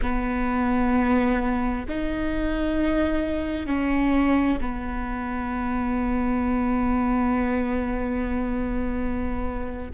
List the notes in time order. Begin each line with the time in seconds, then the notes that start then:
0.02 B3
1.88 D#4
3.66 C#4
4.60 B3